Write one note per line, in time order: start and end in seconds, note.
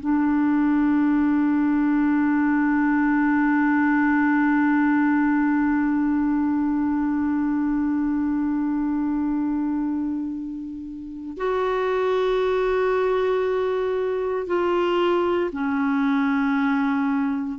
0.00 11.37 D4
11.37 14.47 F#4
14.47 15.50 F4
15.53 17.59 C#4